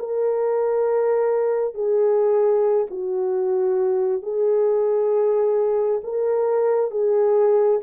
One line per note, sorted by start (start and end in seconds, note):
0.00 1.75 A#4
1.75 2.87 G#4
2.91 4.23 F#4
4.23 6.02 G#4
6.04 6.92 A#4
6.92 7.81 G#4